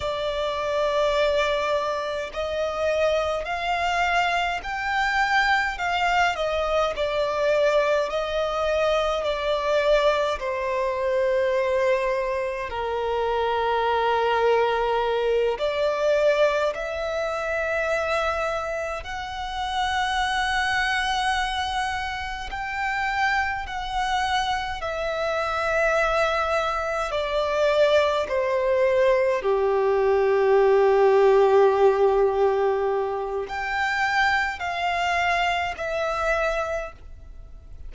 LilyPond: \new Staff \with { instrumentName = "violin" } { \time 4/4 \tempo 4 = 52 d''2 dis''4 f''4 | g''4 f''8 dis''8 d''4 dis''4 | d''4 c''2 ais'4~ | ais'4. d''4 e''4.~ |
e''8 fis''2. g''8~ | g''8 fis''4 e''2 d''8~ | d''8 c''4 g'2~ g'8~ | g'4 g''4 f''4 e''4 | }